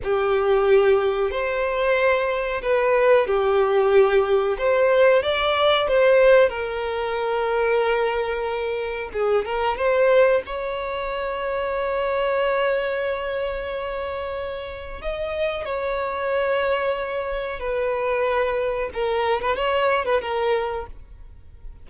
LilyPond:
\new Staff \with { instrumentName = "violin" } { \time 4/4 \tempo 4 = 92 g'2 c''2 | b'4 g'2 c''4 | d''4 c''4 ais'2~ | ais'2 gis'8 ais'8 c''4 |
cis''1~ | cis''2. dis''4 | cis''2. b'4~ | b'4 ais'8. b'16 cis''8. b'16 ais'4 | }